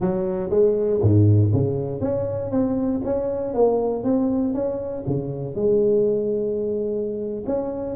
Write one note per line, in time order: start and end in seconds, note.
0.00 0.50 F#3
0.50 1.00 G#3
1.01 1.52 G#2
1.53 2.01 C#3
2.01 2.50 C#4
2.50 3.01 C4
3.04 3.54 C#4
3.54 4.03 A#3
4.03 4.54 C4
4.54 5.04 C#4
5.06 5.55 C#3
5.55 7.44 G#3
7.46 7.95 C#4